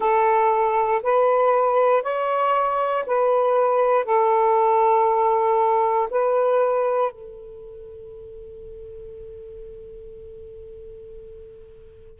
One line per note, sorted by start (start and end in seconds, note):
0.00 1.02 A4
1.02 2.02 B4
2.02 3.04 C#5
3.06 4.04 B4
4.04 6.08 A4
6.10 7.11 B4
7.11 12.20 A4